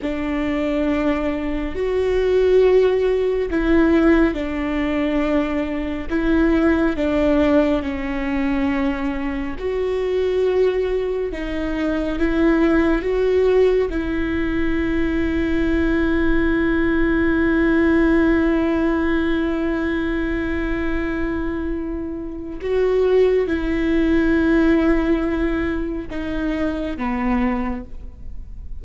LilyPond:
\new Staff \with { instrumentName = "viola" } { \time 4/4 \tempo 4 = 69 d'2 fis'2 | e'4 d'2 e'4 | d'4 cis'2 fis'4~ | fis'4 dis'4 e'4 fis'4 |
e'1~ | e'1~ | e'2 fis'4 e'4~ | e'2 dis'4 b4 | }